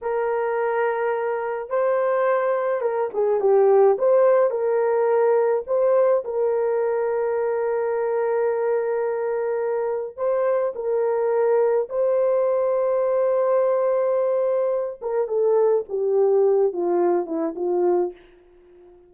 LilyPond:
\new Staff \with { instrumentName = "horn" } { \time 4/4 \tempo 4 = 106 ais'2. c''4~ | c''4 ais'8 gis'8 g'4 c''4 | ais'2 c''4 ais'4~ | ais'1~ |
ais'2 c''4 ais'4~ | ais'4 c''2.~ | c''2~ c''8 ais'8 a'4 | g'4. f'4 e'8 f'4 | }